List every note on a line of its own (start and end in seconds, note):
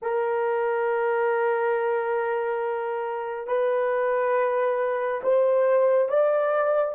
0.02 3.47 A#4
3.47 5.21 B4
5.23 6.08 C5
6.08 6.94 D5